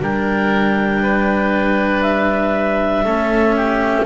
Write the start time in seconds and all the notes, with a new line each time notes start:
0.00 G3 D4 A#4 G5
1.02 B4
2.01 E5
3.04 A3 C#4 A4
3.56 G4